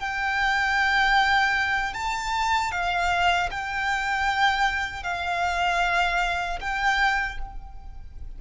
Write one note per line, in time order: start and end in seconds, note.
0.00 1.94 G5
1.94 2.72 A5
2.72 3.50 F5
3.51 5.04 G5
5.04 6.60 F5
6.61 7.39 G5